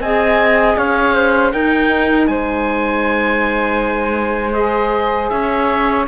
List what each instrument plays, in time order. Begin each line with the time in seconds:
0.00 cello C4, saxophone G#4, flute D#5, oboe G#5
0.77 cello C#4, flute C#5, oboe F5
1.14 flute C5
1.52 saxophone D#4, cello D#4, flute A#4, oboe G5
2.27 cello G#3, flute C5, oboe G#5
4.53 saxophone G#4, oboe D#5
5.29 cello C#4, flute C#5, oboe E5